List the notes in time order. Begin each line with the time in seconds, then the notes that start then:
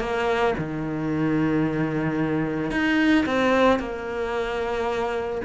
0.00 A#3
0.58 D#3
2.71 D#4
3.26 C4
3.79 A#3